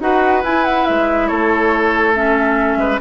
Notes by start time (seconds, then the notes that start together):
0.00 D#4 F#4 B4 F#5
0.43 E4 G#5
0.64 F#5
0.85 G#3 E5
1.27 A3 A4 C#5
2.13 C#4 E5
2.76 G#3 B4